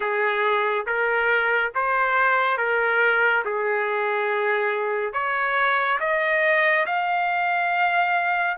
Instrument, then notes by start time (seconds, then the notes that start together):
trumpet
0.00 G#4
0.86 A#4
1.75 C5
2.57 A#4
3.44 G#4
5.13 C#5
6.00 D#5
6.86 F5